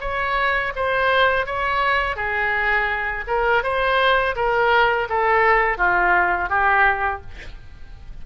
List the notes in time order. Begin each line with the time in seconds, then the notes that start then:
0.00 C#5
0.75 C5
1.46 C#5
2.16 G#4
3.27 A#4
3.63 C5
4.35 A#4
5.09 A4
5.77 F4
6.49 G4